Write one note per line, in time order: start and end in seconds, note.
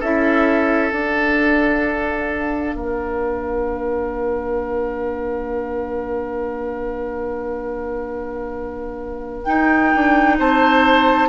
0.00 0.91 C#4
0.00 0.92 E4
0.00 2.75 A4
0.00 0.91 E5
0.91 2.74 D4
0.91 9.46 D4
0.91 9.44 F5
2.74 9.43 A#3
2.74 10.37 A#4
9.44 11.28 D#4
9.44 9.94 D#4
9.44 10.36 G5
9.94 10.39 D4
10.38 11.28 C4
10.38 11.28 C5
10.38 11.28 A5